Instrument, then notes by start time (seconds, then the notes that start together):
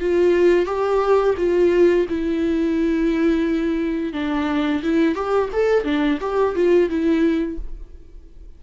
viola
0.00 F4
0.66 G4
1.37 F4
2.09 E4
4.13 D4
4.83 E4
5.15 G4
5.53 A4
5.84 D4
6.21 G4
6.55 F4
6.89 E4